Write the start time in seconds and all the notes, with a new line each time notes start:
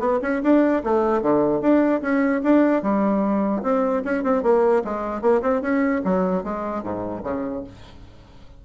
0.00 B3
0.22 C#4
0.43 D4
0.84 A3
1.22 D3
1.61 D4
2.02 C#4
2.44 D4
2.83 G3
3.63 C4
4.05 C#4
4.24 C4
4.43 A#3
4.85 G#3
5.22 A#3
5.42 C4
5.62 C#4
6.05 F#3
6.44 G#3
6.84 G#2
7.24 C#3